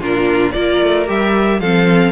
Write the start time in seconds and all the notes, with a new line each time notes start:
0.00 A#2 D4 F4 A#4
0.51 A#3 F4 A#4 D5
0.82 A3
1.06 G3 G4 E5
1.60 F3 C4 A4 F5